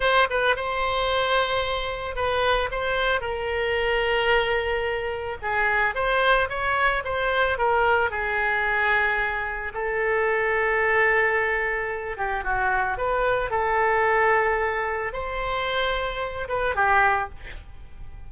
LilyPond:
\new Staff \with { instrumentName = "oboe" } { \time 4/4 \tempo 4 = 111 c''8 b'8 c''2. | b'4 c''4 ais'2~ | ais'2 gis'4 c''4 | cis''4 c''4 ais'4 gis'4~ |
gis'2 a'2~ | a'2~ a'8 g'8 fis'4 | b'4 a'2. | c''2~ c''8 b'8 g'4 | }